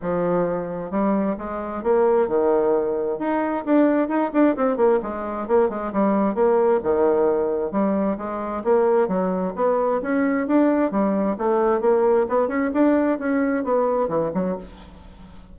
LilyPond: \new Staff \with { instrumentName = "bassoon" } { \time 4/4 \tempo 4 = 132 f2 g4 gis4 | ais4 dis2 dis'4 | d'4 dis'8 d'8 c'8 ais8 gis4 | ais8 gis8 g4 ais4 dis4~ |
dis4 g4 gis4 ais4 | fis4 b4 cis'4 d'4 | g4 a4 ais4 b8 cis'8 | d'4 cis'4 b4 e8 fis8 | }